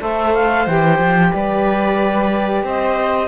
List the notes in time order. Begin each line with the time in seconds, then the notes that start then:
0.00 A3 A4 C5 E5
0.35 F5
0.67 E3 G4 G5
0.99 F3
1.32 G3 B4 D5
2.63 C4 C5 D#5